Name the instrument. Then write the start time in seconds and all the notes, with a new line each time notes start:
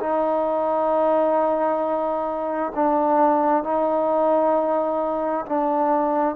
trombone
0.00 D#4
2.76 D4
3.64 D#4
5.46 D4